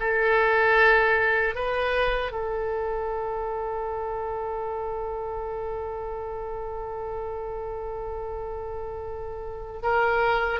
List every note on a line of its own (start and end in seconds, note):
0.00 1.55 A4
1.55 2.32 B4
2.32 9.82 A4
9.83 10.60 A#4